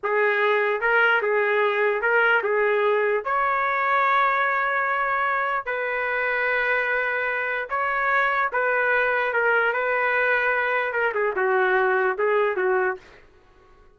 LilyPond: \new Staff \with { instrumentName = "trumpet" } { \time 4/4 \tempo 4 = 148 gis'2 ais'4 gis'4~ | gis'4 ais'4 gis'2 | cis''1~ | cis''2 b'2~ |
b'2. cis''4~ | cis''4 b'2 ais'4 | b'2. ais'8 gis'8 | fis'2 gis'4 fis'4 | }